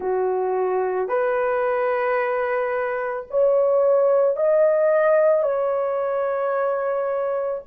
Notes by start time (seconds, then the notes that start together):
0.00 F#4
1.08 B4
3.30 C#5
4.36 D#5
5.42 C#5